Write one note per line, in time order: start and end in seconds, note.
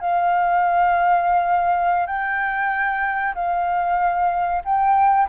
0.00 2.06 F5
2.06 3.34 G5
3.35 4.62 F5
4.64 5.28 G5